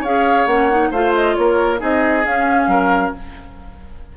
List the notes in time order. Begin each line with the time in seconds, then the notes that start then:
0.00 C#4 G#4 C#5 F5
0.46 A#3 C#4 F#5
0.70 D#4
0.91 A3 F4 C5 F5
1.15 D#5
1.35 A#3 A#4 C#5
1.78 C4 D#4 G#4 D#5
2.25 C#4 F5
2.67 F#3 A#4